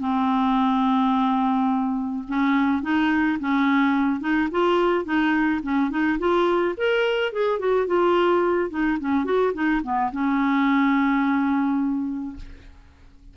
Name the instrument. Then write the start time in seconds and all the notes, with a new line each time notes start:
clarinet
0.00 C4
2.28 C#4
2.83 D#4
3.40 C#4
4.21 D#4
4.51 F4
5.05 D#4
5.63 C#4
5.91 D#4
6.19 F4
6.77 A#4
7.33 G#4
7.59 F#4
7.87 F4
8.70 D#4
9.00 C#4
9.25 F#4
9.54 D#4
9.83 B3
10.12 C#4